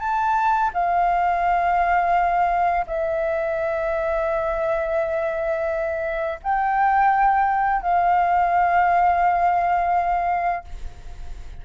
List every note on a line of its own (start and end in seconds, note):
0.00 0.71 A5
0.74 2.86 F5
2.87 6.40 E5
6.43 7.82 G5
7.82 10.65 F5